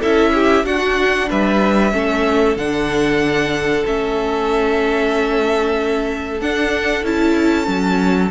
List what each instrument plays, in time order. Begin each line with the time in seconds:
0.00 cello C#4, viola E4, violin A4 E5
0.34 violin G4
0.64 cello D4, viola D4, violin F#4 F#5
1.30 cello G3, violin B4 E5
1.92 cello A3, viola C#4, violin A4
2.56 cello D3, viola D4, violin F#5
3.86 cello A3, viola C#4, violin E5
6.41 cello D4, viola D4, violin F#5
7.04 cello C#4, viola E4, violin A5
7.66 cello F#3, viola C#4